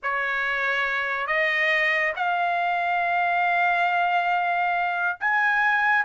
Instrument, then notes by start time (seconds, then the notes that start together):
trumpet
0.02 C#5
1.26 D#5
2.16 F5
5.20 G#5